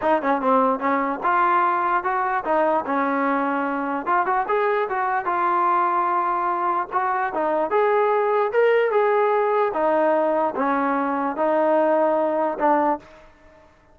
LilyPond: \new Staff \with { instrumentName = "trombone" } { \time 4/4 \tempo 4 = 148 dis'8 cis'8 c'4 cis'4 f'4~ | f'4 fis'4 dis'4 cis'4~ | cis'2 f'8 fis'8 gis'4 | fis'4 f'2.~ |
f'4 fis'4 dis'4 gis'4~ | gis'4 ais'4 gis'2 | dis'2 cis'2 | dis'2. d'4 | }